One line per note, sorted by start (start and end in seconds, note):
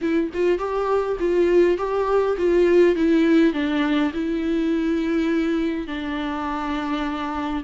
0.01 0.30 E4
0.33 0.58 F4
0.58 1.17 G4
1.19 1.77 F4
1.77 2.36 G4
2.37 2.95 F4
2.95 3.53 E4
3.53 4.12 D4
4.13 5.87 E4
5.87 7.63 D4